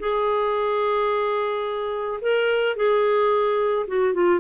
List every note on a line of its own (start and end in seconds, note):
0.00 2.20 G#4
2.22 2.76 A#4
2.76 3.87 G#4
3.88 4.14 F#4
4.14 4.40 F4